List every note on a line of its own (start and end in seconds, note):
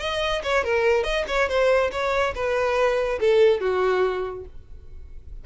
0.00 0.42 D#5
0.43 0.65 C#5
0.65 1.04 A#4
1.04 1.25 D#5
1.28 1.49 C#5
1.49 1.91 C5
1.92 2.34 C#5
2.35 3.20 B4
3.20 3.61 A4
3.61 4.45 F#4